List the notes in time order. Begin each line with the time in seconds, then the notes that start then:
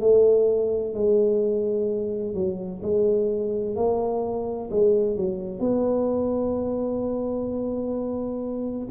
0.00 A3
0.94 G#3
2.34 F#3
2.83 G#3
3.75 A#3
4.70 G#3
5.16 F#3
5.60 B3